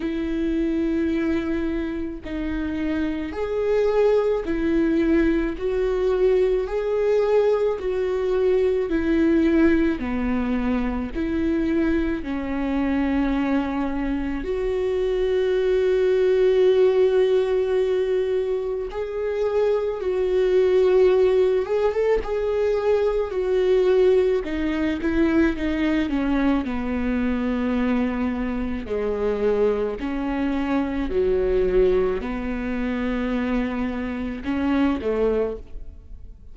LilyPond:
\new Staff \with { instrumentName = "viola" } { \time 4/4 \tempo 4 = 54 e'2 dis'4 gis'4 | e'4 fis'4 gis'4 fis'4 | e'4 b4 e'4 cis'4~ | cis'4 fis'2.~ |
fis'4 gis'4 fis'4. gis'16 a'16 | gis'4 fis'4 dis'8 e'8 dis'8 cis'8 | b2 gis4 cis'4 | fis4 b2 cis'8 a8 | }